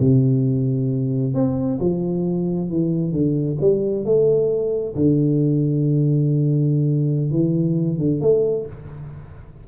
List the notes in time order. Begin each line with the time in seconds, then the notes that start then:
0.00 C3
1.34 C4
1.80 F3
2.70 E3
3.12 D3
3.61 G3
4.05 A3
4.96 D3
7.31 E3
7.98 D3
8.21 A3